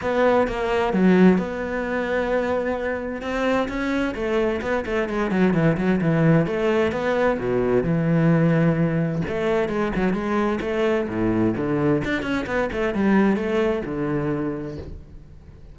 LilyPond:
\new Staff \with { instrumentName = "cello" } { \time 4/4 \tempo 4 = 130 b4 ais4 fis4 b4~ | b2. c'4 | cis'4 a4 b8 a8 gis8 fis8 | e8 fis8 e4 a4 b4 |
b,4 e2. | a4 gis8 fis8 gis4 a4 | a,4 d4 d'8 cis'8 b8 a8 | g4 a4 d2 | }